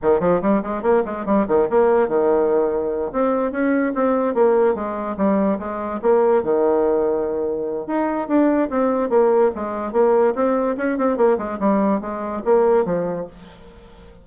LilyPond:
\new Staff \with { instrumentName = "bassoon" } { \time 4/4 \tempo 4 = 145 dis8 f8 g8 gis8 ais8 gis8 g8 dis8 | ais4 dis2~ dis8 c'8~ | c'8 cis'4 c'4 ais4 gis8~ | gis8 g4 gis4 ais4 dis8~ |
dis2. dis'4 | d'4 c'4 ais4 gis4 | ais4 c'4 cis'8 c'8 ais8 gis8 | g4 gis4 ais4 f4 | }